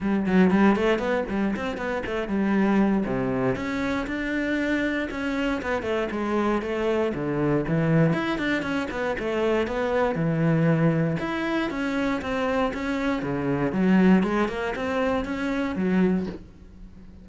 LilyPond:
\new Staff \with { instrumentName = "cello" } { \time 4/4 \tempo 4 = 118 g8 fis8 g8 a8 b8 g8 c'8 b8 | a8 g4. c4 cis'4 | d'2 cis'4 b8 a8 | gis4 a4 d4 e4 |
e'8 d'8 cis'8 b8 a4 b4 | e2 e'4 cis'4 | c'4 cis'4 cis4 fis4 | gis8 ais8 c'4 cis'4 fis4 | }